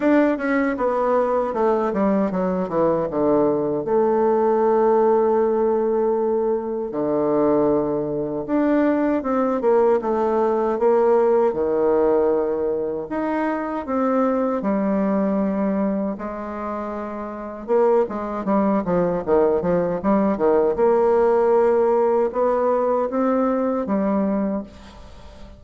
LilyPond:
\new Staff \with { instrumentName = "bassoon" } { \time 4/4 \tempo 4 = 78 d'8 cis'8 b4 a8 g8 fis8 e8 | d4 a2.~ | a4 d2 d'4 | c'8 ais8 a4 ais4 dis4~ |
dis4 dis'4 c'4 g4~ | g4 gis2 ais8 gis8 | g8 f8 dis8 f8 g8 dis8 ais4~ | ais4 b4 c'4 g4 | }